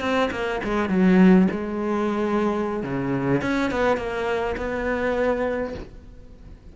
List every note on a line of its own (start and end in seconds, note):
0.00 0.29 C4
0.31 0.60 A#3
0.63 0.89 G#3
0.89 1.47 F#3
1.51 2.83 G#3
2.83 3.41 C#3
3.41 3.71 C#4
3.71 3.97 B3
3.97 4.55 A#3
4.57 5.74 B3